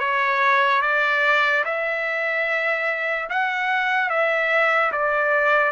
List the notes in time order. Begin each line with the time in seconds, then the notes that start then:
0.00 C#5
0.82 D5
1.65 E5
3.30 F#5
4.10 E5
4.92 D5